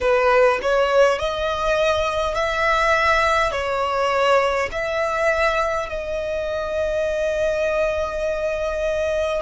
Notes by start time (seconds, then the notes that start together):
0.00 B4
0.62 C#5
1.18 D#5
2.35 E5
3.51 C#5
4.71 E5
5.89 D#5